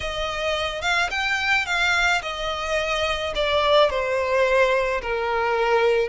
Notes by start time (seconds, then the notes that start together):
0.00 D#5
0.81 F5
1.10 G5
1.66 F5
2.22 D#5
3.35 D5
3.90 C5
5.01 A#4